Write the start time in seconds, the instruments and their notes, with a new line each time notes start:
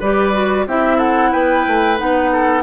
0.00 bassoon G3, clarinet G4, oboe B4, flute D5
0.34 clarinet F#4
0.67 bassoon C4, clarinet E4, oboe G4, flute E5
0.98 oboe A4, flute F#5
1.32 bassoon B3, oboe B4, flute G5
1.67 bassoon A3
1.98 bassoon B3, clarinet D#4, flute F#5
2.32 oboe A4